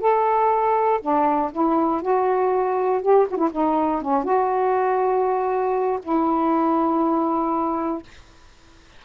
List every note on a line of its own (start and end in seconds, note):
0.00 1.00 A4
1.01 1.51 D4
1.52 2.02 E4
2.02 3.02 F#4
3.02 3.27 G4
3.30 3.37 F#4
3.37 3.49 E4
3.52 4.01 D#4
4.01 4.24 C#4
4.24 5.99 F#4
6.02 8.03 E4